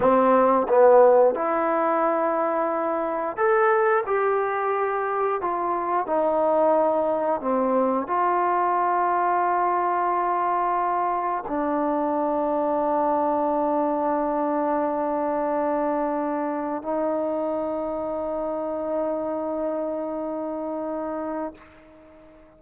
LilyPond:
\new Staff \with { instrumentName = "trombone" } { \time 4/4 \tempo 4 = 89 c'4 b4 e'2~ | e'4 a'4 g'2 | f'4 dis'2 c'4 | f'1~ |
f'4 d'2.~ | d'1~ | d'4 dis'2.~ | dis'1 | }